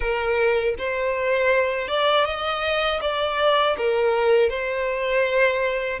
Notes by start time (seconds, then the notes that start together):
0.00 A#4
0.78 C5
1.88 D5
2.25 D#5
3.01 D5
3.77 A#4
4.49 C5